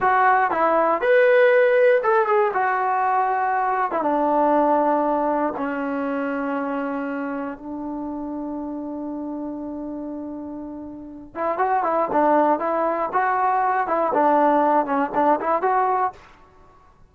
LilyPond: \new Staff \with { instrumentName = "trombone" } { \time 4/4 \tempo 4 = 119 fis'4 e'4 b'2 | a'8 gis'8 fis'2~ fis'8. e'16 | d'2. cis'4~ | cis'2. d'4~ |
d'1~ | d'2~ d'8 e'8 fis'8 e'8 | d'4 e'4 fis'4. e'8 | d'4. cis'8 d'8 e'8 fis'4 | }